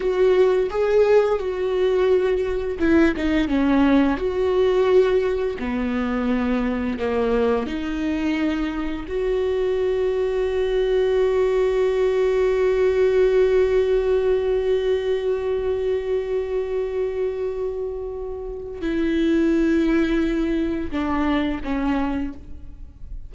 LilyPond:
\new Staff \with { instrumentName = "viola" } { \time 4/4 \tempo 4 = 86 fis'4 gis'4 fis'2 | e'8 dis'8 cis'4 fis'2 | b2 ais4 dis'4~ | dis'4 fis'2.~ |
fis'1~ | fis'1~ | fis'2. e'4~ | e'2 d'4 cis'4 | }